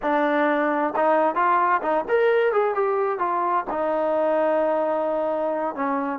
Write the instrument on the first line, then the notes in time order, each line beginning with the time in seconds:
trombone
0.02 D4
0.95 D#4
1.35 F4
1.82 D#4
2.08 A#4
2.52 G#4
2.74 G4
3.18 F4
3.70 D#4
5.75 C#4